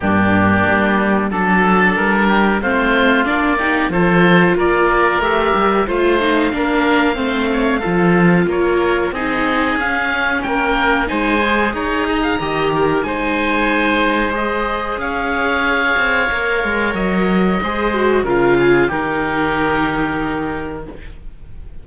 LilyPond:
<<
  \new Staff \with { instrumentName = "oboe" } { \time 4/4 \tempo 4 = 92 g'2 a'4 ais'4 | c''4 d''4 c''4 d''4 | e''4 f''2.~ | f''4 cis''4 dis''4 f''4 |
g''4 gis''4 ais''2 | gis''2 dis''4 f''4~ | f''2 dis''2 | f''4 ais'2. | }
  \new Staff \with { instrumentName = "oboe" } { \time 4/4 d'2 a'4. g'8 | f'4. g'8 a'4 ais'4~ | ais'4 c''4 ais'4 c''8 cis''8 | a'4 ais'4 gis'2 |
ais'4 c''4 cis''8 dis''16 f''16 dis''8 ais'8 | c''2. cis''4~ | cis''2. c''4 | ais'8 gis'8 g'2. | }
  \new Staff \with { instrumentName = "viola" } { \time 4/4 ais2 d'2 | c'4 d'8 dis'8 f'2 | g'4 f'8 dis'8 d'4 c'4 | f'2 dis'4 cis'4~ |
cis'4 dis'8 gis'4. g'4 | dis'2 gis'2~ | gis'4 ais'2 gis'8 fis'8 | f'4 dis'2. | }
  \new Staff \with { instrumentName = "cello" } { \time 4/4 g,4 g4 fis4 g4 | a4 ais4 f4 ais4 | a8 g8 a4 ais4 a4 | f4 ais4 c'4 cis'4 |
ais4 gis4 dis'4 dis4 | gis2. cis'4~ | cis'8 c'8 ais8 gis8 fis4 gis4 | cis4 dis2. | }
>>